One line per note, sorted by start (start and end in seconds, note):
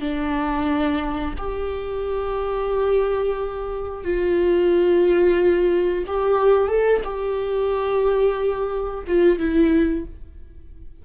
0.00 1.33 D4
1.37 4.04 G4
4.04 6.04 F4
6.06 6.68 G4
6.68 7.01 A4
7.04 9.04 G4
9.07 9.38 F4
9.38 10.05 E4